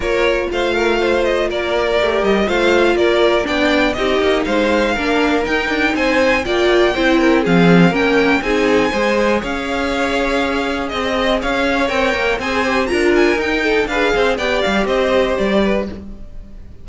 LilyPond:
<<
  \new Staff \with { instrumentName = "violin" } { \time 4/4 \tempo 4 = 121 cis''4 f''4. dis''8 d''4~ | d''8 dis''8 f''4 d''4 g''4 | dis''4 f''2 g''4 | gis''4 g''2 f''4 |
g''4 gis''2 f''4~ | f''2 dis''4 f''4 | g''4 gis''4 ais''8 gis''8 g''4 | f''4 g''8 f''8 dis''4 d''4 | }
  \new Staff \with { instrumentName = "violin" } { \time 4/4 ais'4 c''8 ais'8 c''4 ais'4~ | ais'4 c''4 ais'4 d''4 | g'4 c''4 ais'2 | c''4 d''4 c''8 ais'8 gis'4 |
ais'4 gis'4 c''4 cis''4~ | cis''2 dis''4 cis''4~ | cis''4 c''4 ais'4. a'8 | b'8 c''8 d''4 c''4. b'8 | }
  \new Staff \with { instrumentName = "viola" } { \time 4/4 f'1 | g'4 f'2 d'4 | dis'2 d'4 dis'4~ | dis'4 f'4 e'4 c'4 |
cis'4 dis'4 gis'2~ | gis'1 | ais'4 gis'8 g'8 f'4 dis'4 | gis'4 g'2. | }
  \new Staff \with { instrumentName = "cello" } { \time 4/4 ais4 a2 ais4 | a8 g8 a4 ais4 b4 | c'8 ais8 gis4 ais4 dis'8 d'8 | c'4 ais4 c'4 f4 |
ais4 c'4 gis4 cis'4~ | cis'2 c'4 cis'4 | c'8 ais8 c'4 d'4 dis'4 | d'8 c'8 b8 g8 c'4 g4 | }
>>